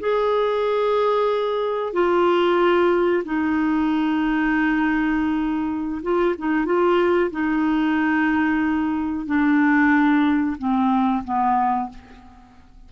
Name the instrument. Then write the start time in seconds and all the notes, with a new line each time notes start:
clarinet
0.00 G#4
1.93 F4
3.25 D#4
6.03 F4
6.39 D#4
6.66 F4
7.32 D#4
9.27 D4
10.59 C4
11.25 B3